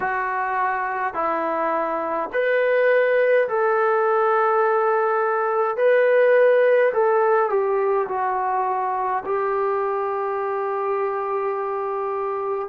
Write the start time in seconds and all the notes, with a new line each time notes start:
0.00 F#4
1.14 E4
2.32 B4
3.48 A4
5.76 B4
6.93 A4
7.49 G4
8.08 F#4
9.25 G4